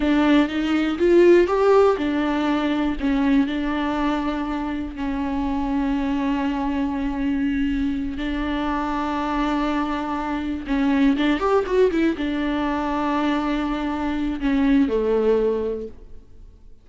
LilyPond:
\new Staff \with { instrumentName = "viola" } { \time 4/4 \tempo 4 = 121 d'4 dis'4 f'4 g'4 | d'2 cis'4 d'4~ | d'2 cis'2~ | cis'1~ |
cis'8 d'2.~ d'8~ | d'4. cis'4 d'8 g'8 fis'8 | e'8 d'2.~ d'8~ | d'4 cis'4 a2 | }